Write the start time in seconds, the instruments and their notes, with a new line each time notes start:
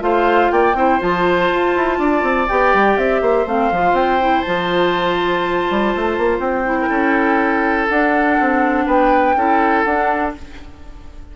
0.00 bassoon A3, clarinet F4, oboe C5, flute F5
0.52 bassoon A#3, oboe D5, flute G5
0.74 bassoon C4, clarinet E4, oboe C5
1.00 bassoon F3, clarinet F4, flute A5
1.51 bassoon F4
1.76 bassoon E4
1.99 bassoon D4, oboe D5
2.23 bassoon C4
2.49 bassoon B3, clarinet G4, flute G5
2.74 bassoon G3
2.97 bassoon C4, flute E5
3.22 bassoon A#3, oboe C5
3.46 bassoon A3, clarinet C4, flute F5
3.71 bassoon F3, clarinet F4
3.93 bassoon C4, flute G5
4.21 clarinet E4
4.42 bassoon F3, clarinet F4, flute A5
5.70 bassoon G3
5.95 bassoon A3
6.18 bassoon A#3
6.39 bassoon C4, flute G5
6.65 clarinet E4
6.82 oboe A#4
6.89 bassoon C#4, oboe A4
7.89 bassoon D4, clarinet D4, flute F#5
8.40 bassoon C4
8.87 bassoon B3, oboe B4, flute G5
9.36 bassoon C#4, clarinet E4, oboe A4
9.83 bassoon D4, clarinet D4, flute F#5